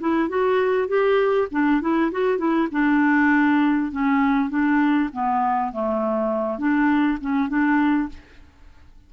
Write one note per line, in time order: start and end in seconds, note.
0.00 0.29 E4
0.29 0.88 F#4
0.88 1.48 G4
1.51 1.81 D4
1.81 2.11 E4
2.12 2.38 F#4
2.38 2.68 E4
2.72 3.92 D4
3.92 4.50 C#4
4.50 5.10 D4
5.13 5.72 B3
5.72 6.59 A3
6.59 7.19 D4
7.21 7.49 C#4
7.49 8.09 D4